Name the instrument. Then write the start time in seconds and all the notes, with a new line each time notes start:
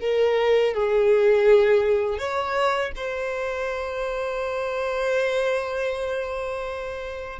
violin
0.00 A#4
0.74 G#4
2.18 C#5
2.96 C5